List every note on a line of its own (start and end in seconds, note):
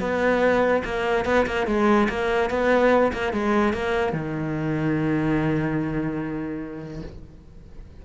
0.00 0.83 B3
0.84 1.25 A#3
1.25 1.46 B3
1.46 1.66 A#3
1.66 2.08 G#3
2.09 2.50 A#3
2.50 3.12 B3
3.13 3.33 A#3
3.33 3.73 G#3
3.73 4.13 A#3
4.13 7.02 D#3